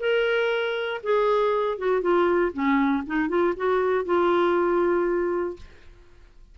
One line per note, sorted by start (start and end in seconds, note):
0.00 1.01 A#4
1.03 1.78 G#4
1.78 2.01 F#4
2.01 2.52 F4
2.53 3.04 C#4
3.06 3.29 D#4
3.29 3.54 F4
3.56 4.05 F#4
4.05 5.56 F4